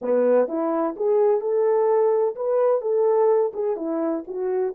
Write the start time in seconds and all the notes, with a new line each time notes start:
0.01 B3
0.48 E4
0.96 G#4
1.40 A4
2.35 B4
2.81 A4
3.53 G#4
3.76 E4
4.27 F#4